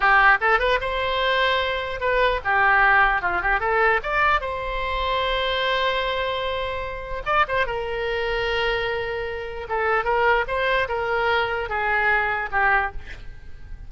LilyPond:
\new Staff \with { instrumentName = "oboe" } { \time 4/4 \tempo 4 = 149 g'4 a'8 b'8 c''2~ | c''4 b'4 g'2 | f'8 g'8 a'4 d''4 c''4~ | c''1~ |
c''2 d''8 c''8 ais'4~ | ais'1 | a'4 ais'4 c''4 ais'4~ | ais'4 gis'2 g'4 | }